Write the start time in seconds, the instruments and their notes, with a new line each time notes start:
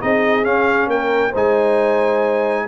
0.00 tuba C4, trombone D#4, horn G#4, trumpet D#5
0.43 trombone C#4, tuba C#4, trumpet F5
0.87 tuba A#3, horn A#4, trumpet G5
1.31 tuba G#3, trombone D#4, horn C5, trumpet G#5